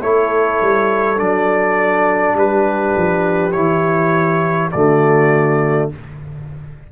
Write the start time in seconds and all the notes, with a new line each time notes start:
0.00 A3 E4 A4 C#5
0.61 G3
1.16 F#3 D4 D5
2.34 G3 G4 B4
2.97 F3
3.51 E3 E4 C#5
4.71 D3 A3 F#4 D5